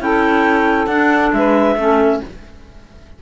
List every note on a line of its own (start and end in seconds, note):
0.00 0.87 C#4
0.00 0.88 E4
0.00 1.36 A4
0.00 0.87 G5
0.87 1.31 D4
0.87 1.78 D4
0.87 1.31 F#5
1.33 1.76 G#3
1.33 1.77 B4
1.33 2.21 E5
1.76 2.20 A3
1.76 2.22 C#4
1.76 2.21 A4